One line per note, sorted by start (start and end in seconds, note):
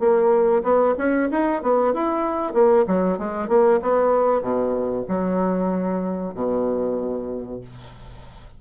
0.00 0.63 A#3
0.63 0.95 B3
0.98 1.30 C#4
1.31 1.62 D#4
1.62 1.94 B3
1.94 2.54 E4
2.54 2.86 A#3
2.87 3.18 F#3
3.18 3.49 G#3
3.49 3.80 A#3
3.82 4.42 B3
4.42 5.05 B2
5.09 6.35 F#3
6.35 7.61 B2